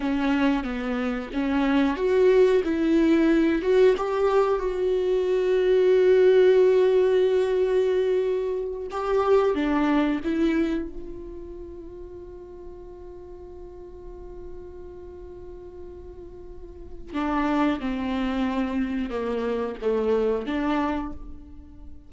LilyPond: \new Staff \with { instrumentName = "viola" } { \time 4/4 \tempo 4 = 91 cis'4 b4 cis'4 fis'4 | e'4. fis'8 g'4 fis'4~ | fis'1~ | fis'4. g'4 d'4 e'8~ |
e'8 f'2.~ f'8~ | f'1~ | f'2 d'4 c'4~ | c'4 ais4 a4 d'4 | }